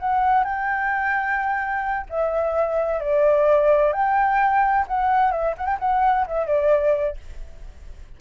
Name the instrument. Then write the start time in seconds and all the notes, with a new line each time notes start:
flute
0.00 F#5
0.44 G5
2.10 E5
3.00 D5
3.93 G5
4.88 F#5
5.32 E5
5.58 F#5
5.66 G5
5.80 F#5
6.27 E5
6.47 D5